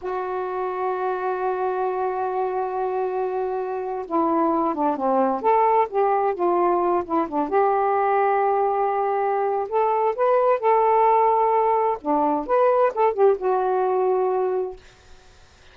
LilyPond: \new Staff \with { instrumentName = "saxophone" } { \time 4/4 \tempo 4 = 130 fis'1~ | fis'1~ | fis'8. e'4. d'8 c'4 a'16~ | a'8. g'4 f'4. e'8 d'16~ |
d'16 g'2.~ g'8.~ | g'4 a'4 b'4 a'4~ | a'2 d'4 b'4 | a'8 g'8 fis'2. | }